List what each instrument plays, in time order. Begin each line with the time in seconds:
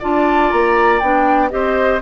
0.00 bassoon D4, clarinet F4, oboe D5, flute A5
0.52 bassoon A#3, flute A#5
1.00 bassoon B3, clarinet D4, flute G5
1.50 bassoon C4, clarinet G4, oboe C5, flute D#5